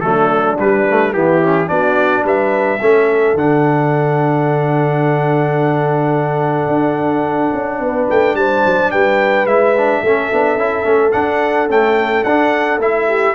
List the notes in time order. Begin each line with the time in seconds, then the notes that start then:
0.00 F#3 A3 D4 A4
0.59 G3 B4
0.89 A3
1.13 E3 B3 E4 G4
1.42 C#4
1.67 B3 D4 F#4 D5
2.23 G3 B4 E5
2.81 A3 C#4 A4
3.33 D3 D4 F#5
6.67 D4
7.53 C#4
7.80 B3 B4
8.09 A3 G5
8.34 G3 C5 A5
8.65 F#3
8.91 G3 B4 G5
9.45 G#3 E4 E5
9.77 D4
10.01 A3 C#4 A4
10.32 B3 D4
10.56 C#4 E4
10.84 A3 C#4
11.11 D4 F#5
11.68 A3 C#4 G5
12.23 D4 F#5
12.77 A3 E4 E5
13.07 G4